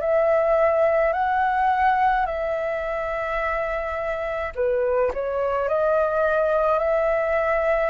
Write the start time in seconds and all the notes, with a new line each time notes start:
0.00 E5
1.12 F#5
2.26 E5
4.55 B4
5.13 C#5
5.68 D#5
6.79 E5